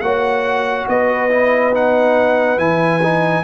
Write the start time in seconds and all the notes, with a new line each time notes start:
0.00 A#3 F#4 C#5 F#5
0.88 B3 B4 D#5
1.30 E4
1.74 D#4 F#5
2.58 E3 E4 G#5
3.03 D#4